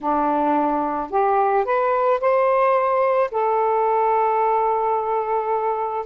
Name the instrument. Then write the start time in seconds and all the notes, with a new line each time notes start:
saxophone
0.01 D4
1.10 G4
1.64 B4
2.20 C5
3.31 A4